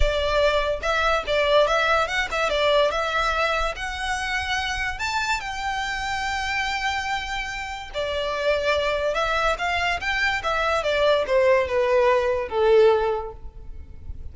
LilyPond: \new Staff \with { instrumentName = "violin" } { \time 4/4 \tempo 4 = 144 d''2 e''4 d''4 | e''4 fis''8 e''8 d''4 e''4~ | e''4 fis''2. | a''4 g''2.~ |
g''2. d''4~ | d''2 e''4 f''4 | g''4 e''4 d''4 c''4 | b'2 a'2 | }